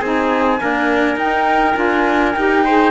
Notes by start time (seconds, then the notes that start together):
0.00 C4 D#4 G#4 G#5
0.59 A#3 D4 A#4
1.16 D#4 G5
1.75 D4 F4 G#5
2.35 D#4 G4 G5
2.65 G#4 C5